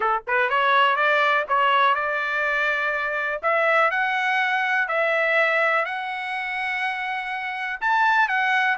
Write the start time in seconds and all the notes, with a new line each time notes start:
0.00 A4
0.27 B4
0.49 C#5
0.96 D5
1.48 C#5
1.94 D5
3.42 E5
3.90 F#5
4.88 E5
5.85 F#5
7.80 A5
8.28 F#5